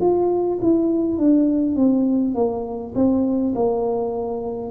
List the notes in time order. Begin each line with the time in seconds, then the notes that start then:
0.00 F4
0.61 E4
1.18 D4
1.76 C4
2.35 A#3
2.95 C4
3.55 A#3